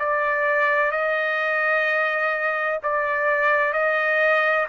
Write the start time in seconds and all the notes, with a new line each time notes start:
0.00 D5
0.92 D#5
2.83 D5
3.73 D#5